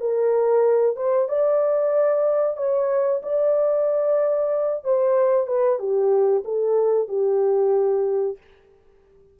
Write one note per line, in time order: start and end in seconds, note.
0.00 0.96 A#4
0.96 1.28 C5
1.29 2.57 D5
2.57 3.21 C#5
3.23 4.84 D5
4.84 5.47 C5
5.47 5.79 B4
5.79 6.43 G4
6.44 7.08 A4
7.08 8.37 G4